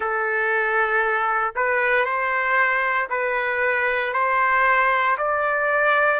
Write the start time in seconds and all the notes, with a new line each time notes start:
0.00 A4
1.55 B4
2.05 C5
3.09 B4
4.13 C5
5.17 D5